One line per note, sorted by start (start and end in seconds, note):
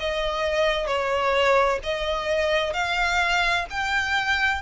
0.00 0.87 D#5
0.87 1.80 C#5
1.83 2.74 D#5
2.74 3.66 F5
3.70 4.63 G5